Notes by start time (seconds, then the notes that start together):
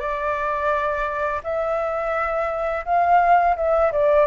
0.00 D5
1.44 E5
2.86 F5
3.56 E5
3.92 D5